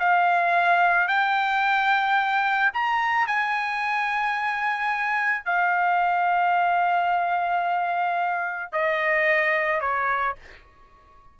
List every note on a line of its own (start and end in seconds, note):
0.00 1.08 F5
1.08 2.72 G5
2.74 3.28 A#5
3.28 5.46 G#5
5.46 8.73 F5
8.73 9.81 D#5
9.81 10.36 C#5